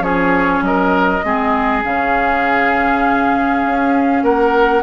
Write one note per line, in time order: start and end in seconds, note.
0.00 0.60 F3
0.00 1.21 C#4
0.00 0.63 G#4
0.00 0.62 C#5
0.61 1.21 F#3
0.61 1.25 A#4
0.61 1.84 D#5
1.24 1.84 G#3
1.24 1.83 C4
1.24 4.23 G#4
1.83 3.65 C#3
1.83 4.83 C#4
1.83 4.24 F5
3.65 4.22 C#4
4.22 4.82 A#3
4.22 4.83 A#4
4.22 4.83 F#5